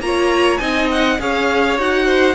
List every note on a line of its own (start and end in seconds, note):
0.00 0.59 A#3
0.00 0.60 F4
0.00 0.60 C#5
0.00 0.58 A#5
0.58 1.19 C4
0.58 1.18 D#4
0.58 1.19 D#5
0.58 0.87 G#5
0.91 1.21 F#5
1.19 1.79 C#4
1.19 1.78 G#4
1.19 2.06 C#5
1.19 1.80 F5
1.79 2.35 D#4
1.79 2.35 F#4
1.79 2.35 F#5
2.06 2.35 C5